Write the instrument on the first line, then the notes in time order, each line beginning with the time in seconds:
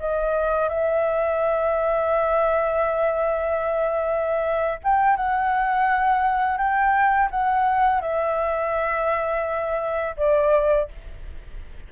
flute
0.00 D#5
0.69 E5
4.84 G5
5.17 F#5
6.58 G5
7.31 F#5
8.02 E5
10.17 D5